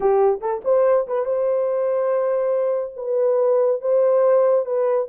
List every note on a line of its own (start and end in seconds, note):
0.00 0.40 G4
0.41 0.62 A4
0.64 1.06 C5
1.07 1.25 B4
1.25 2.94 C5
2.96 3.81 B4
3.81 4.65 C5
4.65 5.08 B4